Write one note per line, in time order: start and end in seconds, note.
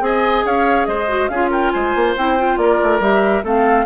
0.00 0.43 C4
0.00 1.07 G#4
0.00 0.45 D#5
0.00 0.46 G#5
0.45 0.87 C#4
0.45 0.88 C#5
0.45 0.86 F5
0.86 1.29 G#3
0.86 1.30 C5
0.86 1.28 D#5
1.08 1.29 F#4
1.28 1.72 C#4
1.28 2.17 F4
1.28 1.50 G#4
1.28 1.49 F5
1.50 1.72 A#4
1.50 1.71 G5
1.71 1.95 G#3
1.71 2.59 C5
1.71 2.14 G#5
1.95 2.16 A#3
2.17 2.57 C4
2.17 2.38 E4
2.17 2.58 G5
2.38 3.01 F4
2.57 2.79 A#3
2.57 3.44 A#4
2.57 3.01 D5
2.82 3.00 A3
3.00 3.42 G3
3.00 3.43 G4
3.00 3.45 E5
3.43 3.85 A3
3.43 3.85 C4
3.43 3.85 A4
3.43 3.85 F5